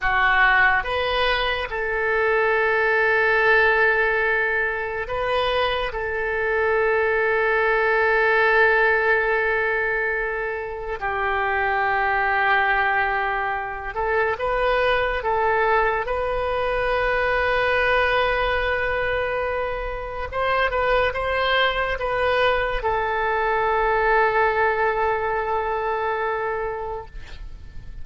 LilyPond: \new Staff \with { instrumentName = "oboe" } { \time 4/4 \tempo 4 = 71 fis'4 b'4 a'2~ | a'2 b'4 a'4~ | a'1~ | a'4 g'2.~ |
g'8 a'8 b'4 a'4 b'4~ | b'1 | c''8 b'8 c''4 b'4 a'4~ | a'1 | }